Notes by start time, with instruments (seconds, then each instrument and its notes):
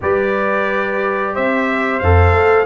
0.01 tuba G3, trombone G4, horn B4, trumpet D5
1.33 tuba C4, horn C5, trumpet E5
1.99 tuba F2, trombone A4, trumpet F5
2.32 tuba A3